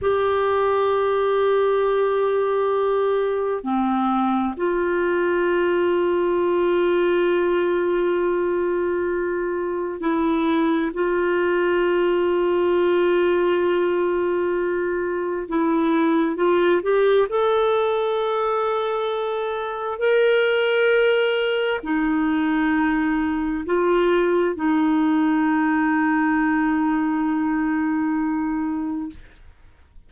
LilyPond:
\new Staff \with { instrumentName = "clarinet" } { \time 4/4 \tempo 4 = 66 g'1 | c'4 f'2.~ | f'2. e'4 | f'1~ |
f'4 e'4 f'8 g'8 a'4~ | a'2 ais'2 | dis'2 f'4 dis'4~ | dis'1 | }